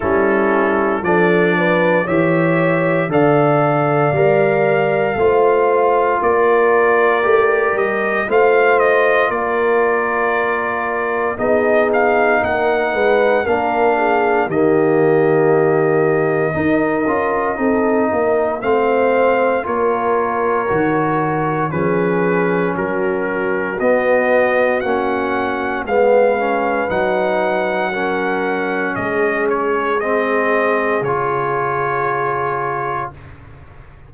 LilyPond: <<
  \new Staff \with { instrumentName = "trumpet" } { \time 4/4 \tempo 4 = 58 a'4 d''4 e''4 f''4~ | f''2 d''4. dis''8 | f''8 dis''8 d''2 dis''8 f''8 | fis''4 f''4 dis''2~ |
dis''2 f''4 cis''4~ | cis''4 b'4 ais'4 dis''4 | fis''4 f''4 fis''2 | dis''8 cis''8 dis''4 cis''2 | }
  \new Staff \with { instrumentName = "horn" } { \time 4/4 e'4 a'8 b'8 cis''4 d''4~ | d''4 c''4 ais'2 | c''4 ais'2 gis'4 | ais'8 b'8 ais'8 gis'8 g'2 |
ais'4 a'8 ais'8 c''4 ais'4~ | ais'4 gis'4 fis'2~ | fis'4 b'2 ais'4 | gis'1 | }
  \new Staff \with { instrumentName = "trombone" } { \time 4/4 cis'4 d'4 g'4 a'4 | ais'4 f'2 g'4 | f'2. dis'4~ | dis'4 d'4 ais2 |
dis'8 f'8 dis'4 c'4 f'4 | fis'4 cis'2 b4 | cis'4 b8 cis'8 dis'4 cis'4~ | cis'4 c'4 f'2 | }
  \new Staff \with { instrumentName = "tuba" } { \time 4/4 g4 f4 e4 d4 | g4 a4 ais4 a8 g8 | a4 ais2 b4 | ais8 gis8 ais4 dis2 |
dis'8 cis'8 c'8 ais8 a4 ais4 | dis4 f4 fis4 b4 | ais4 gis4 fis2 | gis2 cis2 | }
>>